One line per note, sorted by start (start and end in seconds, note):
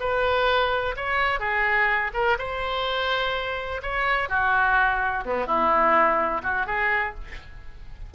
0.00 0.95 B4
0.97 1.40 C#5
1.40 2.11 G#4
2.14 2.37 A#4
2.39 3.81 C5
3.82 4.29 C#5
4.29 5.24 F#4
5.25 5.46 B3
5.46 6.42 E4
6.43 6.67 F#4
6.67 7.14 G#4